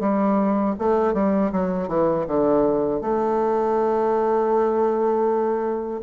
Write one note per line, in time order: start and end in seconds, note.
0.00 0.75 G3
0.79 1.14 A3
1.14 1.51 G3
1.52 1.88 F#3
1.88 2.26 E3
2.27 3.01 D3
3.01 6.01 A3